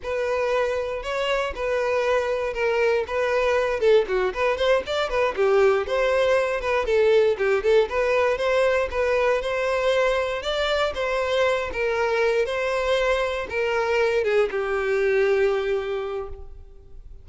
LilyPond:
\new Staff \with { instrumentName = "violin" } { \time 4/4 \tempo 4 = 118 b'2 cis''4 b'4~ | b'4 ais'4 b'4. a'8 | fis'8 b'8 c''8 d''8 b'8 g'4 c''8~ | c''4 b'8 a'4 g'8 a'8 b'8~ |
b'8 c''4 b'4 c''4.~ | c''8 d''4 c''4. ais'4~ | ais'8 c''2 ais'4. | gis'8 g'2.~ g'8 | }